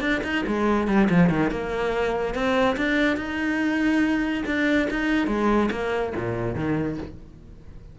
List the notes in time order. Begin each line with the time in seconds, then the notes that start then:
0.00 D4
0.23 D#4
0.47 G#3
0.87 G3
1.09 F3
1.29 D#3
1.51 A#3
2.34 C4
2.77 D4
3.17 D#4
4.46 D4
4.90 D#4
5.27 G#3
5.71 A#3
6.15 A#2
6.55 D#3